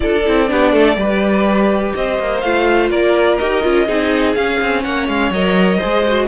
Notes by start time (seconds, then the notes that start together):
0.00 D4 F4 A4 D5
0.25 C4 E4
0.47 B3 D4 G4
0.72 A3 A4
0.96 G3 G4 B4
1.95 C4 C5 D#5
2.19 A#3
2.41 A3 F4 F5
2.90 A#3 A#4 D5
3.38 D#4 G4 D#5
3.62 C#4 F4
3.86 C4 D#4 G#4
4.34 C#4 F5
4.61 C4
4.83 A#3 C#5 F#5
5.08 G#3 F5
5.30 F#3 A#4 D#5
5.77 G#4 C5
5.84 G#3
6.08 F#4